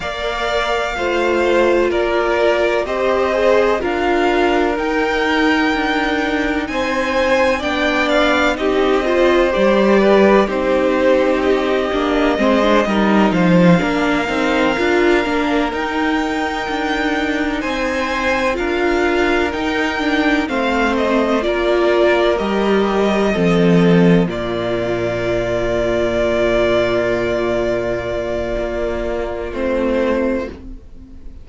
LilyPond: <<
  \new Staff \with { instrumentName = "violin" } { \time 4/4 \tempo 4 = 63 f''2 d''4 dis''4 | f''4 g''2 gis''4 | g''8 f''8 dis''4 d''4 c''4 | dis''2 f''2~ |
f''8 g''2 gis''4 f''8~ | f''8 g''4 f''8 dis''8 d''4 dis''8~ | dis''4. d''2~ d''8~ | d''2. c''4 | }
  \new Staff \with { instrumentName = "violin" } { \time 4/4 d''4 c''4 ais'4 c''4 | ais'2. c''4 | d''4 g'8 c''4 b'8 g'4~ | g'4 c''8 ais'8 c''8 ais'4.~ |
ais'2~ ais'8 c''4 ais'8~ | ais'4. c''4 ais'4.~ | ais'8 a'4 f'2~ f'8~ | f'1 | }
  \new Staff \with { instrumentName = "viola" } { \time 4/4 ais'4 f'2 g'8 gis'8 | f'4 dis'2. | d'4 dis'8 f'8 g'4 dis'4~ | dis'8 d'8 c'16 d'16 dis'4 d'8 dis'8 f'8 |
d'8 dis'2. f'8~ | f'8 dis'8 d'8 c'4 f'4 g'8~ | g'8 c'4 ais2~ ais8~ | ais2. c'4 | }
  \new Staff \with { instrumentName = "cello" } { \time 4/4 ais4 a4 ais4 c'4 | d'4 dis'4 d'4 c'4 | b4 c'4 g4 c'4~ | c'8 ais8 gis8 g8 f8 ais8 c'8 d'8 |
ais8 dis'4 d'4 c'4 d'8~ | d'8 dis'4 a4 ais4 g8~ | g8 f4 ais,2~ ais,8~ | ais,2 ais4 a4 | }
>>